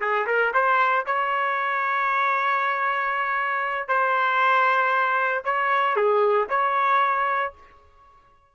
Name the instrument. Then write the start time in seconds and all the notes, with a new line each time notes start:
trumpet
0.00 G#4
0.27 A#4
0.54 C5
1.06 C#5
3.88 C5
5.45 C#5
5.96 G#4
6.49 C#5